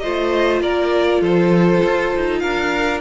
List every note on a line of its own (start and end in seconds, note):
0.00 0.61 A3
0.00 3.01 F4
0.00 0.62 C5
0.00 0.60 D#5
0.61 1.21 A#3
0.61 1.22 A#4
0.61 1.22 D5
1.21 1.81 F3
1.21 2.42 A4
1.21 2.39 C5
1.85 2.15 F4
2.15 2.44 D#4
2.39 3.01 D4
2.39 3.01 A#4
2.39 2.99 F5